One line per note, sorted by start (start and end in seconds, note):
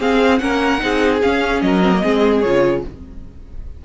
0.00 0.41 C4
0.00 0.40 G#4
0.00 0.38 F5
0.38 0.82 A#3
0.38 0.79 C#4
0.38 0.83 A#4
0.38 1.19 F#5
0.79 1.22 C4
0.79 1.20 D#4
0.79 1.64 G#4
1.22 1.82 C#4
1.22 1.62 C#4
1.22 1.61 F5
1.61 2.02 F#3
1.61 2.03 A#4
1.61 2.41 D#5
1.82 1.92 C4
1.92 2.02 A#3
2.02 2.44 G#3
2.02 2.43 C4
2.02 2.83 G#4
2.41 2.85 C#3
2.41 2.85 F4
2.41 2.82 C#5